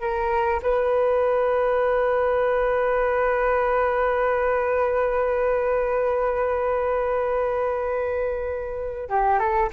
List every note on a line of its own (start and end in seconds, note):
0.00 0.61 A#4
0.62 9.09 B4
9.09 9.39 G4
9.39 9.69 A4